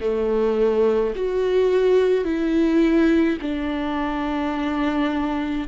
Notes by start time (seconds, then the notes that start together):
0.00 A3
1.15 F#4
2.24 E4
3.41 D4